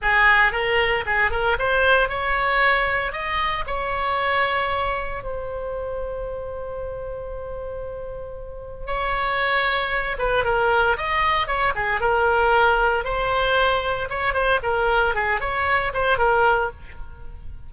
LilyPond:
\new Staff \with { instrumentName = "oboe" } { \time 4/4 \tempo 4 = 115 gis'4 ais'4 gis'8 ais'8 c''4 | cis''2 dis''4 cis''4~ | cis''2 c''2~ | c''1~ |
c''4 cis''2~ cis''8 b'8 | ais'4 dis''4 cis''8 gis'8 ais'4~ | ais'4 c''2 cis''8 c''8 | ais'4 gis'8 cis''4 c''8 ais'4 | }